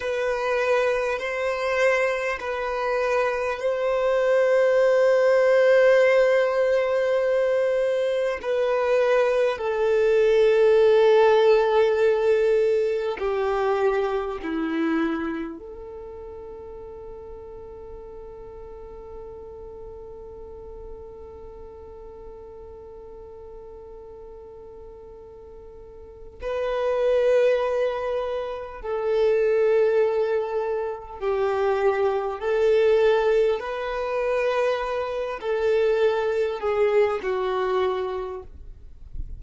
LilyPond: \new Staff \with { instrumentName = "violin" } { \time 4/4 \tempo 4 = 50 b'4 c''4 b'4 c''4~ | c''2. b'4 | a'2. g'4 | e'4 a'2.~ |
a'1~ | a'2 b'2 | a'2 g'4 a'4 | b'4. a'4 gis'8 fis'4 | }